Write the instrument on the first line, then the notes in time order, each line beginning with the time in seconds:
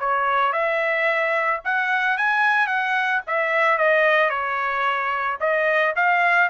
trumpet
0.00 C#5
0.53 E5
1.65 F#5
2.18 G#5
2.68 F#5
3.28 E5
3.78 D#5
4.30 C#5
5.41 D#5
5.97 F5